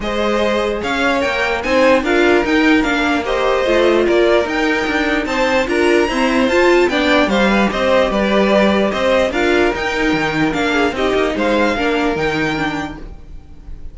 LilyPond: <<
  \new Staff \with { instrumentName = "violin" } { \time 4/4 \tempo 4 = 148 dis''2 f''4 g''4 | gis''4 f''4 g''4 f''4 | dis''2 d''4 g''4~ | g''4 a''4 ais''2 |
a''4 g''4 f''4 dis''4 | d''2 dis''4 f''4 | g''2 f''4 dis''4 | f''2 g''2 | }
  \new Staff \with { instrumentName = "violin" } { \time 4/4 c''2 cis''2 | c''4 ais'2. | c''2 ais'2~ | ais'4 c''4 ais'4 c''4~ |
c''4 d''4 c''8 b'8 c''4 | b'2 c''4 ais'4~ | ais'2~ ais'8 gis'8 g'4 | c''4 ais'2. | }
  \new Staff \with { instrumentName = "viola" } { \time 4/4 gis'2. ais'4 | dis'4 f'4 dis'4 d'4 | g'4 f'2 dis'4~ | dis'2 f'4 c'4 |
f'4 d'4 g'2~ | g'2. f'4 | dis'2 d'4 dis'4~ | dis'4 d'4 dis'4 d'4 | }
  \new Staff \with { instrumentName = "cello" } { \time 4/4 gis2 cis'4 ais4 | c'4 d'4 dis'4 ais4~ | ais4 a4 ais4 dis'4 | d'4 c'4 d'4 e'4 |
f'4 b4 g4 c'4 | g2 c'4 d'4 | dis'4 dis4 ais4 c'8 ais8 | gis4 ais4 dis2 | }
>>